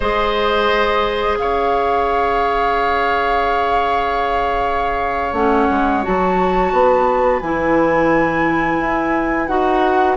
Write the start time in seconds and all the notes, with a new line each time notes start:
0.00 G#3 G#4 C5 D#5
1.37 C#4 C#5 F5
5.32 A3 C#4 F#5
5.70 G#3
6.03 F#3 F#4 A5
6.72 B3 B4
7.40 E3 E4 G#5
8.79 E4
9.47 D#4 F#4 F#5